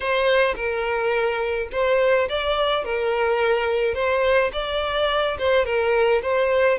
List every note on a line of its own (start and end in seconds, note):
0.00 0.55 C5
0.55 1.68 A#4
1.72 2.28 C5
2.28 2.84 D5
2.84 3.94 A#4
3.94 4.51 C5
4.52 5.37 D5
5.38 5.65 C5
5.65 6.21 A#4
6.22 6.78 C5